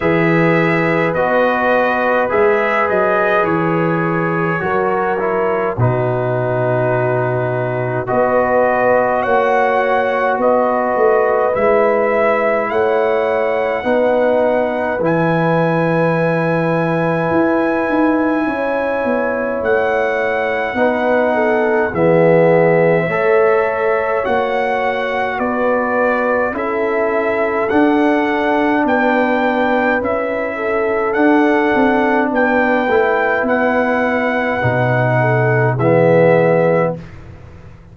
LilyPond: <<
  \new Staff \with { instrumentName = "trumpet" } { \time 4/4 \tempo 4 = 52 e''4 dis''4 e''8 dis''8 cis''4~ | cis''4 b'2 dis''4 | fis''4 dis''4 e''4 fis''4~ | fis''4 gis''2.~ |
gis''4 fis''2 e''4~ | e''4 fis''4 d''4 e''4 | fis''4 g''4 e''4 fis''4 | g''4 fis''2 e''4 | }
  \new Staff \with { instrumentName = "horn" } { \time 4/4 b'1 | ais'4 fis'2 b'4 | cis''4 b'2 cis''4 | b'1 |
cis''2 b'8 a'8 gis'4 | cis''2 b'4 a'4~ | a'4 b'4. a'4. | b'2~ b'8 a'8 gis'4 | }
  \new Staff \with { instrumentName = "trombone" } { \time 4/4 gis'4 fis'4 gis'2 | fis'8 e'8 dis'2 fis'4~ | fis'2 e'2 | dis'4 e'2.~ |
e'2 dis'4 b4 | a'4 fis'2 e'4 | d'2 e'4 d'4~ | d'8 e'4. dis'4 b4 | }
  \new Staff \with { instrumentName = "tuba" } { \time 4/4 e4 b4 gis8 fis8 e4 | fis4 b,2 b4 | ais4 b8 a8 gis4 a4 | b4 e2 e'8 dis'8 |
cis'8 b8 a4 b4 e4 | a4 ais4 b4 cis'4 | d'4 b4 cis'4 d'8 c'8 | b8 a8 b4 b,4 e4 | }
>>